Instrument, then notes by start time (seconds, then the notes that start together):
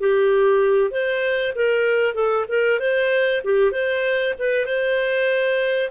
clarinet
0.00 G4
0.91 C5
1.55 A#4
2.14 A4
2.49 A#4
2.80 C5
3.44 G4
3.72 C5
4.39 B4
4.66 C5